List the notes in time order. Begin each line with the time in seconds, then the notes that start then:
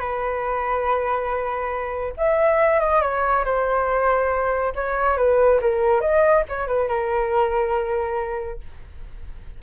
0.00 B4
2.18 E5
2.81 D#5
3.02 C#5
3.45 C5
4.76 C#5
5.18 B4
5.61 A#4
6.01 D#5
6.49 C#5
6.68 B4
6.89 A#4